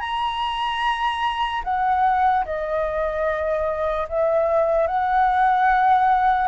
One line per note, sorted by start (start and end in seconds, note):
0.00 1.62 A#5
1.64 2.45 F#5
2.45 4.07 D#5
4.09 4.87 E5
4.87 6.48 F#5